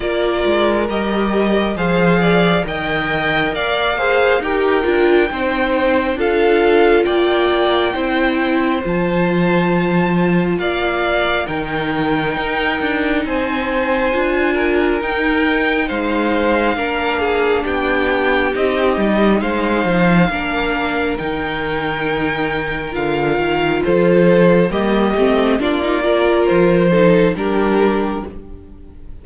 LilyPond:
<<
  \new Staff \with { instrumentName = "violin" } { \time 4/4 \tempo 4 = 68 d''4 dis''4 f''4 g''4 | f''4 g''2 f''4 | g''2 a''2 | f''4 g''2 gis''4~ |
gis''4 g''4 f''2 | g''4 dis''4 f''2 | g''2 f''4 c''4 | dis''4 d''4 c''4 ais'4 | }
  \new Staff \with { instrumentName = "violin" } { \time 4/4 ais'2 c''8 d''8 dis''4 | d''8 c''8 ais'4 c''4 a'4 | d''4 c''2. | d''4 ais'2 c''4~ |
c''8 ais'4. c''4 ais'8 gis'8 | g'2 c''4 ais'4~ | ais'2. a'4 | g'4 f'8 ais'4 a'8 g'4 | }
  \new Staff \with { instrumentName = "viola" } { \time 4/4 f'4 g'4 gis'4 ais'4~ | ais'8 gis'8 g'8 f'8 dis'4 f'4~ | f'4 e'4 f'2~ | f'4 dis'2. |
f'4 dis'2 d'4~ | d'4 dis'2 d'4 | dis'2 f'2 | ais8 c'8 d'16 dis'16 f'4 dis'8 d'4 | }
  \new Staff \with { instrumentName = "cello" } { \time 4/4 ais8 gis8 g4 f4 dis4 | ais4 dis'8 d'8 c'4 d'4 | ais4 c'4 f2 | ais4 dis4 dis'8 d'8 c'4 |
d'4 dis'4 gis4 ais4 | b4 c'8 g8 gis8 f8 ais4 | dis2 d8 dis8 f4 | g8 a8 ais4 f4 g4 | }
>>